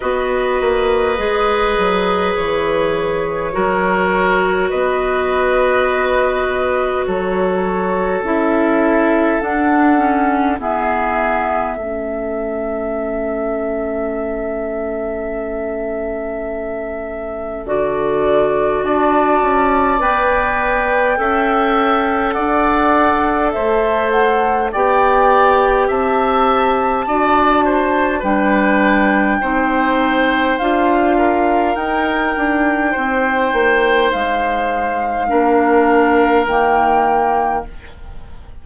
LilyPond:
<<
  \new Staff \with { instrumentName = "flute" } { \time 4/4 \tempo 4 = 51 dis''2 cis''2 | dis''2 cis''4 e''4 | fis''4 e''2.~ | e''2. d''4 |
a''4 g''2 fis''4 | e''8 fis''8 g''4 a''2 | g''2 f''4 g''4~ | g''4 f''2 g''4 | }
  \new Staff \with { instrumentName = "oboe" } { \time 4/4 b'2. ais'4 | b'2 a'2~ | a'4 gis'4 a'2~ | a'1 |
d''2 e''4 d''4 | c''4 d''4 e''4 d''8 c''8 | b'4 c''4. ais'4. | c''2 ais'2 | }
  \new Staff \with { instrumentName = "clarinet" } { \time 4/4 fis'4 gis'2 fis'4~ | fis'2. e'4 | d'8 cis'8 b4 cis'2~ | cis'2. fis'4~ |
fis'4 b'4 a'2~ | a'4 g'2 fis'4 | d'4 dis'4 f'4 dis'4~ | dis'2 d'4 ais4 | }
  \new Staff \with { instrumentName = "bassoon" } { \time 4/4 b8 ais8 gis8 fis8 e4 fis4 | b2 fis4 cis'4 | d'4 e'4 a2~ | a2. d4 |
d'8 cis'8 b4 cis'4 d'4 | a4 b4 c'4 d'4 | g4 c'4 d'4 dis'8 d'8 | c'8 ais8 gis4 ais4 dis4 | }
>>